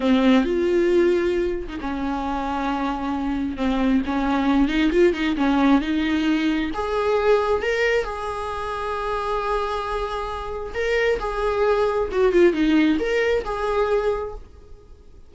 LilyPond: \new Staff \with { instrumentName = "viola" } { \time 4/4 \tempo 4 = 134 c'4 f'2~ f'8. dis'16 | cis'1 | c'4 cis'4. dis'8 f'8 dis'8 | cis'4 dis'2 gis'4~ |
gis'4 ais'4 gis'2~ | gis'1 | ais'4 gis'2 fis'8 f'8 | dis'4 ais'4 gis'2 | }